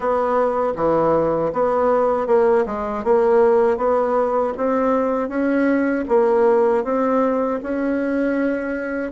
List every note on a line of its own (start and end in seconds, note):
0.00 0.73 B3
0.76 1.52 E3
1.52 2.26 B3
2.26 2.64 A#3
2.65 3.03 G#3
3.03 3.77 A#3
3.77 4.53 B3
4.57 5.29 C4
5.29 6.04 C#4
6.08 6.84 A#3
6.84 7.59 C4
7.62 9.11 C#4